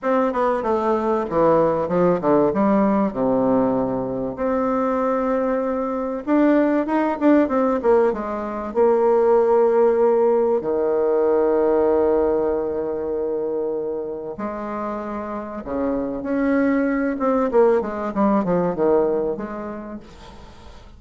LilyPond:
\new Staff \with { instrumentName = "bassoon" } { \time 4/4 \tempo 4 = 96 c'8 b8 a4 e4 f8 d8 | g4 c2 c'4~ | c'2 d'4 dis'8 d'8 | c'8 ais8 gis4 ais2~ |
ais4 dis2.~ | dis2. gis4~ | gis4 cis4 cis'4. c'8 | ais8 gis8 g8 f8 dis4 gis4 | }